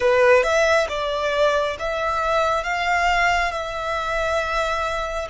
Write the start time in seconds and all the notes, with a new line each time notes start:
0.00 B4
0.43 E5
0.88 D5
1.79 E5
2.63 F5
3.51 E5